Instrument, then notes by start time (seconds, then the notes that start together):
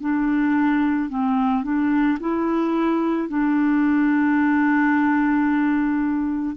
clarinet
0.00 D4
1.09 C4
1.63 D4
2.20 E4
3.28 D4